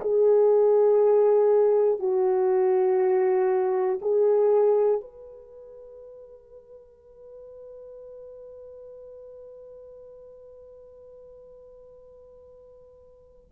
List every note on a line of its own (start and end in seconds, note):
0.00 1.99 G#4
1.99 3.99 F#4
4.01 5.00 G#4
5.00 13.50 B4